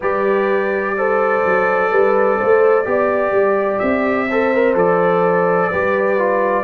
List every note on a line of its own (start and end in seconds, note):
0.00 1.44 G3
0.00 0.96 G4
0.00 0.95 B4
0.00 3.78 D5
0.97 2.84 A4
0.97 1.90 C5
1.44 1.91 F#3
1.90 2.39 G3
1.90 2.37 B4
2.37 2.86 A3
2.37 2.85 C5
2.84 3.31 B3
2.84 4.27 G4
2.84 4.27 D5
3.31 3.79 G3
3.78 4.74 C4
3.78 4.74 E5
4.27 4.54 A4
4.27 5.68 C5
4.54 4.75 A#4
4.74 5.70 F3
4.74 5.70 A4
4.74 6.63 D5
5.68 6.63 G3
5.68 6.18 G4
5.68 6.63 B4
6.18 6.63 F4